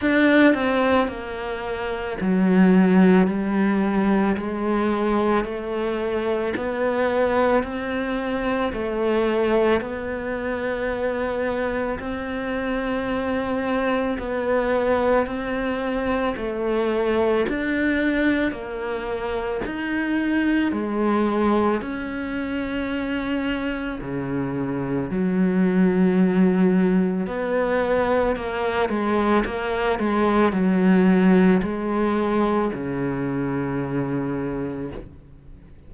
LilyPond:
\new Staff \with { instrumentName = "cello" } { \time 4/4 \tempo 4 = 55 d'8 c'8 ais4 fis4 g4 | gis4 a4 b4 c'4 | a4 b2 c'4~ | c'4 b4 c'4 a4 |
d'4 ais4 dis'4 gis4 | cis'2 cis4 fis4~ | fis4 b4 ais8 gis8 ais8 gis8 | fis4 gis4 cis2 | }